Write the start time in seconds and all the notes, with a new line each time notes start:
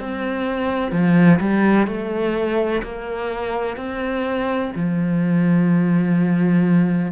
0.00 C4
0.92 F3
1.40 G3
1.87 A3
2.83 A#3
3.77 C4
4.76 F3